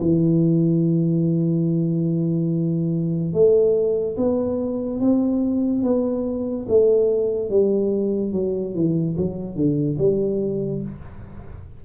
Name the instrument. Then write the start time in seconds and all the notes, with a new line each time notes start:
tuba
0.00 E3
3.33 A3
4.17 B3
5.00 C4
5.83 B3
6.69 A3
7.50 G3
8.33 F#3
8.74 E3
9.17 F#3
9.56 D3
9.98 G3